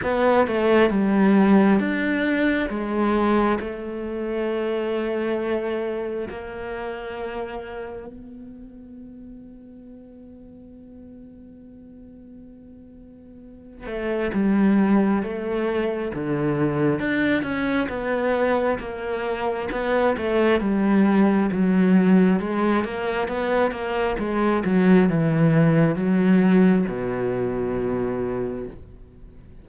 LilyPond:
\new Staff \with { instrumentName = "cello" } { \time 4/4 \tempo 4 = 67 b8 a8 g4 d'4 gis4 | a2. ais4~ | ais4 b2.~ | b2.~ b8 a8 |
g4 a4 d4 d'8 cis'8 | b4 ais4 b8 a8 g4 | fis4 gis8 ais8 b8 ais8 gis8 fis8 | e4 fis4 b,2 | }